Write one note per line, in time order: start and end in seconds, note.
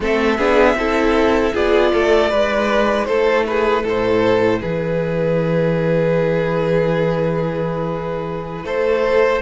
0.00 0.38 A3
0.00 0.38 C4
0.00 0.37 A4
0.00 1.56 E5
0.37 0.75 B3
0.37 0.76 D4
0.37 0.76 G#4
0.75 1.51 C4
0.75 1.54 E4
0.75 1.53 A4
1.53 1.93 B3
1.53 2.31 F4
1.53 1.91 G#4
1.53 3.05 D5
1.92 2.32 A3
1.92 2.29 A4
2.29 3.07 G#3
2.29 9.42 E4
2.29 3.06 B4
3.05 3.84 A3
3.05 3.46 A4
3.05 3.43 C5
3.46 3.82 G#4
3.46 3.85 B4
3.82 4.61 A2
3.82 4.59 A4
3.82 4.61 C5
4.60 8.64 E3
4.60 8.64 G#4
4.60 8.65 B4
8.64 9.41 A3
8.64 9.42 A4
8.64 9.42 C5